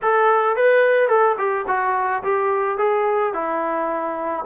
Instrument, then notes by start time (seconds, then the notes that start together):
trombone
0.02 A4
0.56 B4
1.08 A4
1.38 G4
1.67 F#4
2.23 G4
2.78 G#4
3.33 E4